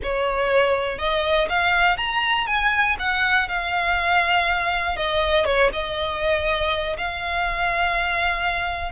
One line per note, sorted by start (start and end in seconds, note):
0.02 0.98 C#5
0.98 1.47 D#5
1.49 1.97 F5
1.97 2.46 A#5
2.46 2.96 G#5
2.99 3.48 F#5
3.48 4.96 F5
4.96 5.45 D#5
5.45 5.70 C#5
5.72 6.96 D#5
6.97 8.91 F5